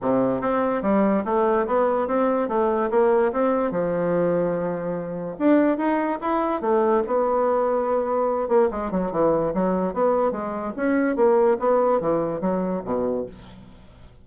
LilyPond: \new Staff \with { instrumentName = "bassoon" } { \time 4/4 \tempo 4 = 145 c4 c'4 g4 a4 | b4 c'4 a4 ais4 | c'4 f2.~ | f4 d'4 dis'4 e'4 |
a4 b2.~ | b8 ais8 gis8 fis8 e4 fis4 | b4 gis4 cis'4 ais4 | b4 e4 fis4 b,4 | }